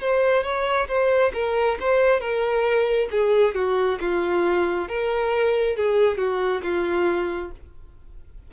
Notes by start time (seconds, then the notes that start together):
0.00 C5
0.43 C#5
0.88 C5
1.34 A#4
1.80 C5
2.20 A#4
3.11 G#4
3.55 F#4
4.00 F4
4.88 A#4
5.76 G#4
6.17 F#4
6.63 F4